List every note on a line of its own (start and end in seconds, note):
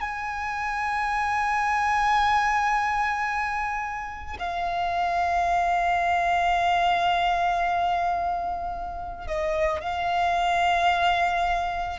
0.00 4.36 G#5
4.38 9.27 F5
9.27 9.80 D#5
9.80 11.99 F5